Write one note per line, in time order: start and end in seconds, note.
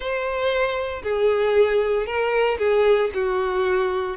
0.00 1.02 C5
1.03 2.06 G#4
2.06 2.58 A#4
2.58 3.10 G#4
3.13 4.17 F#4